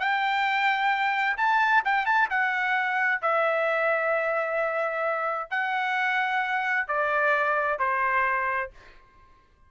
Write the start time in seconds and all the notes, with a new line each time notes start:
0.00 G5
1.38 A5
1.85 G5
2.06 A5
2.30 F#5
3.22 E5
5.51 F#5
6.88 D5
7.79 C5